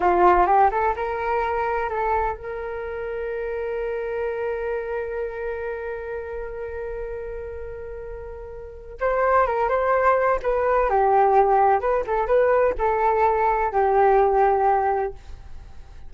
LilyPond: \new Staff \with { instrumentName = "flute" } { \time 4/4 \tempo 4 = 127 f'4 g'8 a'8 ais'2 | a'4 ais'2.~ | ais'1~ | ais'1~ |
ais'2. c''4 | ais'8 c''4. b'4 g'4~ | g'4 b'8 a'8 b'4 a'4~ | a'4 g'2. | }